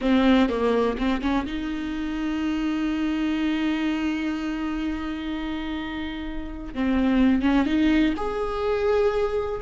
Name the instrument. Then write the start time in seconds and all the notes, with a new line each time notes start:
viola
0.01 C4
0.49 A#3
0.98 C4
1.21 C#4
1.46 D#4
6.74 C4
7.42 C#4
7.66 D#4
8.16 G#4